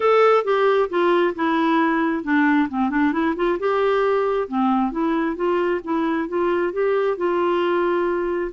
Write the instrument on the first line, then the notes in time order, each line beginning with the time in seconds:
clarinet
0.00 A4
0.44 G4
0.89 F4
1.35 E4
2.23 D4
2.69 C4
2.90 D4
3.12 E4
3.35 F4
3.59 G4
4.48 C4
4.91 E4
5.36 F4
5.84 E4
6.28 F4
6.72 G4
7.17 F4